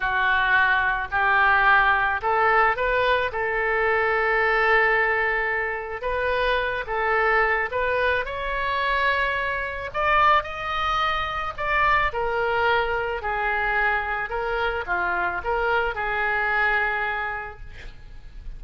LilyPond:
\new Staff \with { instrumentName = "oboe" } { \time 4/4 \tempo 4 = 109 fis'2 g'2 | a'4 b'4 a'2~ | a'2. b'4~ | b'8 a'4. b'4 cis''4~ |
cis''2 d''4 dis''4~ | dis''4 d''4 ais'2 | gis'2 ais'4 f'4 | ais'4 gis'2. | }